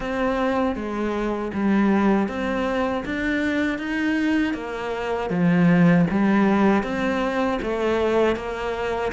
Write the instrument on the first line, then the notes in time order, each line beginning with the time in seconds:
cello
0.00 C4
0.75 G#3
1.53 G3
2.28 C4
3.05 D4
3.78 D#4
4.54 A#3
5.30 F3
6.10 G3
6.83 C4
7.62 A3
8.36 A#3